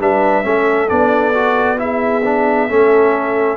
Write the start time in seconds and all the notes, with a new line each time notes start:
0.00 G3 D4 B4 E5
0.43 A3 C#4 A4
0.89 B3 D4 D5
1.34 F#4
1.78 E4 G#4 E5
2.25 D4
2.69 A3 C#4 A4